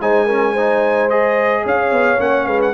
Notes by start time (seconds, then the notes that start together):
0.00 G#3 D#4 C5 G#5
0.26 C#4 A#4
0.53 D#4 C5
1.10 G#4 D#5
1.64 C#4 C#5 F5
1.92 B3
2.19 A#3 C#4 F#5
2.47 G#3 B4 F5
2.62 F#5